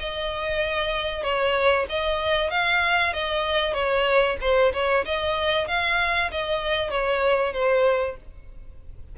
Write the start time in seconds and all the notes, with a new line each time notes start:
0.00 D#5
1.23 C#5
1.89 D#5
2.51 F5
3.13 D#5
3.74 C#5
4.41 C5
4.74 C#5
5.06 D#5
5.68 F5
6.32 D#5
6.91 C#5
7.54 C5